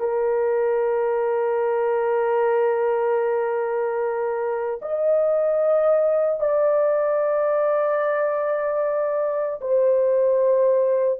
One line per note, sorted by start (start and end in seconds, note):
0.00 4.80 A#4
4.82 6.40 D#5
6.40 9.60 D5
9.61 11.20 C5